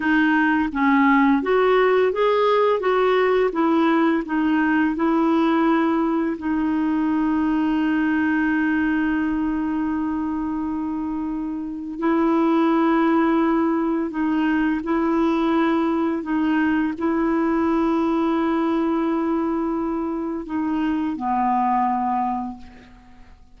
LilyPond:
\new Staff \with { instrumentName = "clarinet" } { \time 4/4 \tempo 4 = 85 dis'4 cis'4 fis'4 gis'4 | fis'4 e'4 dis'4 e'4~ | e'4 dis'2.~ | dis'1~ |
dis'4 e'2. | dis'4 e'2 dis'4 | e'1~ | e'4 dis'4 b2 | }